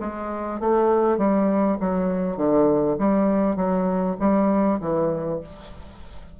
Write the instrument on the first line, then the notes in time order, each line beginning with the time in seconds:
bassoon
0.00 G#3
0.60 A3
1.18 G3
1.80 F#3
2.37 D3
2.98 G3
3.56 F#3
4.19 G3
4.80 E3